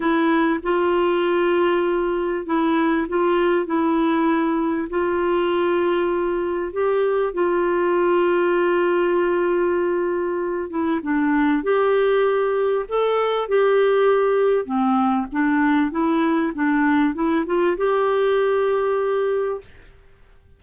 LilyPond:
\new Staff \with { instrumentName = "clarinet" } { \time 4/4 \tempo 4 = 98 e'4 f'2. | e'4 f'4 e'2 | f'2. g'4 | f'1~ |
f'4. e'8 d'4 g'4~ | g'4 a'4 g'2 | c'4 d'4 e'4 d'4 | e'8 f'8 g'2. | }